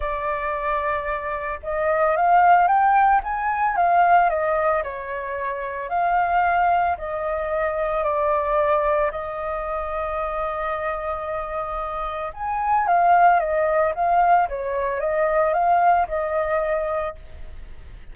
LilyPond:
\new Staff \with { instrumentName = "flute" } { \time 4/4 \tempo 4 = 112 d''2. dis''4 | f''4 g''4 gis''4 f''4 | dis''4 cis''2 f''4~ | f''4 dis''2 d''4~ |
d''4 dis''2.~ | dis''2. gis''4 | f''4 dis''4 f''4 cis''4 | dis''4 f''4 dis''2 | }